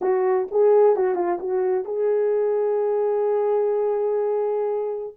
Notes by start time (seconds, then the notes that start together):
0.01 F#4
0.51 G#4
0.95 F#4
1.15 F4
1.39 F#4
1.85 G#4